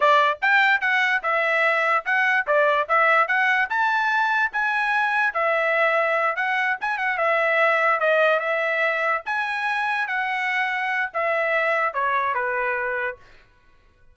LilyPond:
\new Staff \with { instrumentName = "trumpet" } { \time 4/4 \tempo 4 = 146 d''4 g''4 fis''4 e''4~ | e''4 fis''4 d''4 e''4 | fis''4 a''2 gis''4~ | gis''4 e''2~ e''8 fis''8~ |
fis''8 gis''8 fis''8 e''2 dis''8~ | dis''8 e''2 gis''4.~ | gis''8 fis''2~ fis''8 e''4~ | e''4 cis''4 b'2 | }